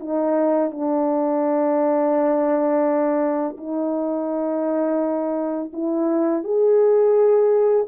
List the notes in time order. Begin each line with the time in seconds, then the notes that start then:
0.00 D#4
0.71 D4
3.57 D#4
5.73 E4
6.44 G#4